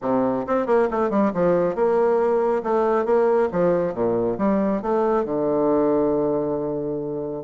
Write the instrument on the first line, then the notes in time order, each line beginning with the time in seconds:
bassoon
0.01 C3
0.46 C4
0.66 A#3
0.90 A3
1.09 G3
1.33 F3
1.75 A#3
2.63 A3
3.05 A#3
3.52 F3
3.94 A#2
4.38 G3
4.82 A3
5.25 D3